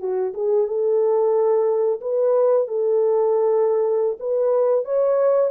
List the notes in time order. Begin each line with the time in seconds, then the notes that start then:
0.00 F#4
0.34 G#4
0.68 A4
2.02 B4
2.68 A4
4.20 B4
4.85 C#5